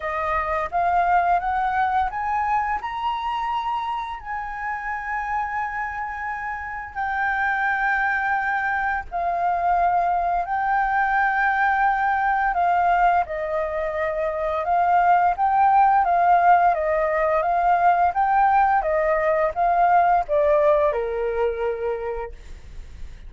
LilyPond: \new Staff \with { instrumentName = "flute" } { \time 4/4 \tempo 4 = 86 dis''4 f''4 fis''4 gis''4 | ais''2 gis''2~ | gis''2 g''2~ | g''4 f''2 g''4~ |
g''2 f''4 dis''4~ | dis''4 f''4 g''4 f''4 | dis''4 f''4 g''4 dis''4 | f''4 d''4 ais'2 | }